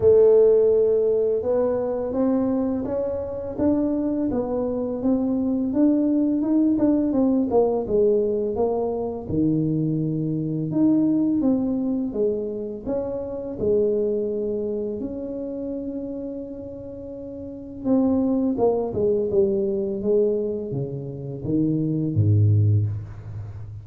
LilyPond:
\new Staff \with { instrumentName = "tuba" } { \time 4/4 \tempo 4 = 84 a2 b4 c'4 | cis'4 d'4 b4 c'4 | d'4 dis'8 d'8 c'8 ais8 gis4 | ais4 dis2 dis'4 |
c'4 gis4 cis'4 gis4~ | gis4 cis'2.~ | cis'4 c'4 ais8 gis8 g4 | gis4 cis4 dis4 gis,4 | }